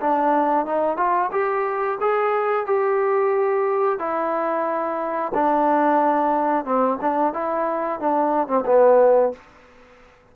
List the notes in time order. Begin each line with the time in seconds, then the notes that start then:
0.00 D4
0.66 D#4
0.97 F4
1.31 G4
2.01 G#4
2.66 G4
3.99 E4
5.35 D4
6.65 C4
7.01 D4
7.33 E4
8.00 D4
8.48 C4
8.66 B3